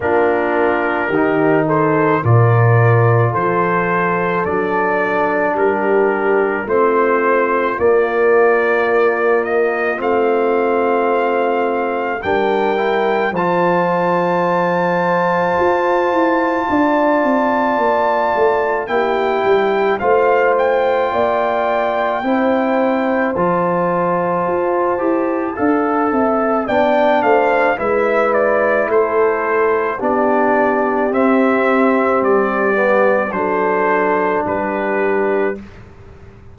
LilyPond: <<
  \new Staff \with { instrumentName = "trumpet" } { \time 4/4 \tempo 4 = 54 ais'4. c''8 d''4 c''4 | d''4 ais'4 c''4 d''4~ | d''8 dis''8 f''2 g''4 | a''1~ |
a''4 g''4 f''8 g''4.~ | g''4 a''2. | g''8 f''8 e''8 d''8 c''4 d''4 | e''4 d''4 c''4 b'4 | }
  \new Staff \with { instrumentName = "horn" } { \time 4/4 f'4 g'8 a'8 ais'4 a'4~ | a'4 g'4 f'2~ | f'2. ais'4 | c''2. d''4~ |
d''4 g'4 c''4 d''4 | c''2. f''8 e''8 | d''8 c''8 b'4 a'4 g'4~ | g'2 a'4 g'4 | }
  \new Staff \with { instrumentName = "trombone" } { \time 4/4 d'4 dis'4 f'2 | d'2 c'4 ais4~ | ais4 c'2 d'8 e'8 | f'1~ |
f'4 e'4 f'2 | e'4 f'4. g'8 a'4 | d'4 e'2 d'4 | c'4. b8 d'2 | }
  \new Staff \with { instrumentName = "tuba" } { \time 4/4 ais4 dis4 ais,4 f4 | fis4 g4 a4 ais4~ | ais4 a2 g4 | f2 f'8 e'8 d'8 c'8 |
ais8 a8 ais8 g8 a4 ais4 | c'4 f4 f'8 e'8 d'8 c'8 | b8 a8 gis4 a4 b4 | c'4 g4 fis4 g4 | }
>>